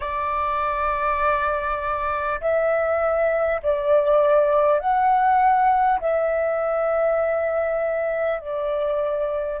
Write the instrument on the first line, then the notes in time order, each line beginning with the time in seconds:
flute
0.00 D5
2.41 E5
3.62 D5
4.79 F#5
6.00 E5
8.39 D5